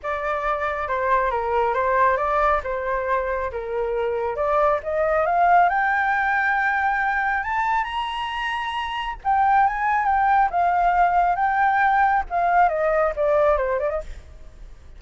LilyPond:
\new Staff \with { instrumentName = "flute" } { \time 4/4 \tempo 4 = 137 d''2 c''4 ais'4 | c''4 d''4 c''2 | ais'2 d''4 dis''4 | f''4 g''2.~ |
g''4 a''4 ais''2~ | ais''4 g''4 gis''4 g''4 | f''2 g''2 | f''4 dis''4 d''4 c''8 d''16 dis''16 | }